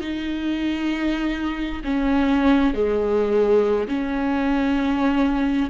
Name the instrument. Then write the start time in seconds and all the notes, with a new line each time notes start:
viola
0.00 D#4
1.83 C#4
2.74 G#3
3.88 C#4